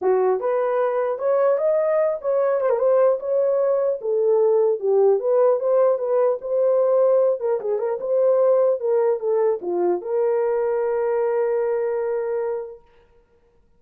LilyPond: \new Staff \with { instrumentName = "horn" } { \time 4/4 \tempo 4 = 150 fis'4 b'2 cis''4 | dis''4. cis''4 c''16 ais'16 c''4 | cis''2 a'2 | g'4 b'4 c''4 b'4 |
c''2~ c''8 ais'8 gis'8 ais'8 | c''2 ais'4 a'4 | f'4 ais'2.~ | ais'1 | }